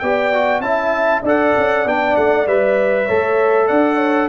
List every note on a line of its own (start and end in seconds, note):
0.00 0.61 B3
0.00 0.34 G4
0.00 0.63 D5
0.00 0.61 G5
0.34 0.64 F#4
0.61 1.22 C#4
0.61 1.25 E4
0.61 1.23 E5
0.61 1.23 A5
1.23 1.54 D4
1.23 1.87 A4
1.23 3.06 D5
1.23 1.89 F#5
1.58 1.86 C#4
1.86 2.16 B3
1.86 2.47 D4
1.86 2.17 G5
2.17 2.47 A3
2.17 2.47 F#5
2.47 3.09 G3
2.47 3.09 B4
2.47 3.68 E5
3.06 3.70 A3
3.06 4.29 A4
3.06 3.67 C#5
3.68 4.29 D4
3.68 3.97 D5
3.68 4.29 F#5
3.97 4.27 C#5